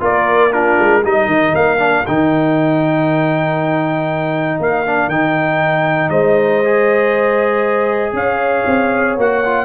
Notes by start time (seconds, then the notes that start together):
0.00 A#3 F4 A#4 D5
0.51 D4 F4 A#4
0.79 G#3
1.04 G3 D#4 A#4 D#5
1.26 D#3
1.55 A#3 F5
1.78 D4
2.06 D#3 D#4 G5
4.59 A#3 F5
4.86 D4
5.08 D#3 D#4 G5
6.09 G#3 C5 D#5
6.64 G#4
8.13 C#4 C#5 F5
8.66 C4
9.17 A#3 F#4 F#5
9.45 F4